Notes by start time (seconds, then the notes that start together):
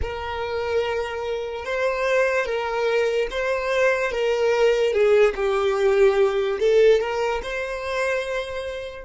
0.01 A#4
1.65 C5
2.45 A#4
3.31 C5
4.11 A#4
4.92 G#4
5.35 G4
6.59 A4
7.00 A#4
7.42 C5